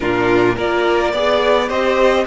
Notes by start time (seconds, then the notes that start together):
0.00 A#2 D4 F4 A#4
0.55 A#3 F4 A#4 D5
1.12 B3 G#4 D5
1.68 C4 G4 C5 D#5